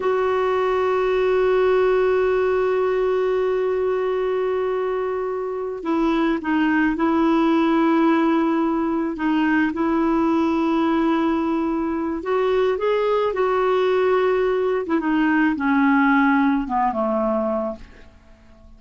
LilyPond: \new Staff \with { instrumentName = "clarinet" } { \time 4/4 \tempo 4 = 108 fis'1~ | fis'1~ | fis'2~ fis'8 e'4 dis'8~ | dis'8 e'2.~ e'8~ |
e'8 dis'4 e'2~ e'8~ | e'2 fis'4 gis'4 | fis'2~ fis'8. e'16 dis'4 | cis'2 b8 a4. | }